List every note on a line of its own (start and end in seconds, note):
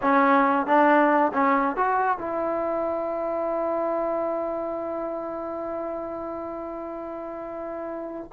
0.02 0.66 C#4
0.66 1.32 D4
1.33 1.76 C#4
1.76 2.17 F#4
2.17 8.31 E4